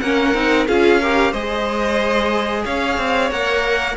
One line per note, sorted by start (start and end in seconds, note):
0.00 0.34 A#3
0.00 0.34 C#4
0.00 0.67 A#4
0.00 0.66 F#5
0.34 0.67 C4
0.34 0.67 D#4
0.67 1.33 C#4
0.67 1.01 F4
0.67 1.00 G#4
0.67 1.33 F5
1.00 1.34 G4
1.00 1.31 A#4
1.31 2.65 G#3
1.31 3.32 G#4
1.31 2.63 C5
1.31 2.65 D#5
2.65 2.97 C#4
2.65 3.96 C#5
2.65 3.31 F5
2.97 3.30 C4
3.30 3.96 A#3
3.30 3.96 A#4
3.30 3.96 F#5